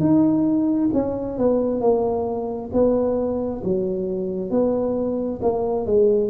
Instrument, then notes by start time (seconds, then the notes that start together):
tuba
0.00 D#4
0.93 C#4
1.38 B3
1.81 A#3
2.73 B3
3.64 F#3
4.51 B3
5.42 A#3
5.86 G#3